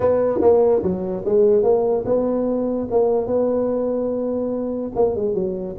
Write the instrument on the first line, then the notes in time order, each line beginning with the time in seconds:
tuba
0.00 B3
0.41 A#3
0.82 F#3
1.25 G#3
1.63 A#3
2.05 B3
2.90 A#3
3.26 B3
4.95 A#3
5.15 G#3
5.34 F#3